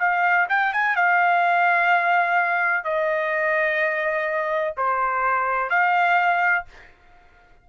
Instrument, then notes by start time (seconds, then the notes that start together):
trumpet
0.00 F5
0.50 G5
0.74 G#5
0.97 F5
2.84 D#5
4.77 C5
5.70 F5